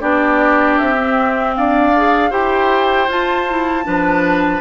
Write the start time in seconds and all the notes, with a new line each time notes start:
0.00 B3 D4 G4 D5
0.78 C4 E5
0.99 C4
1.56 D4 D5 F5
1.96 G#4
2.31 E4 G4 C5 G5
3.08 F4 A5
3.49 E4
3.84 F3 D4 B4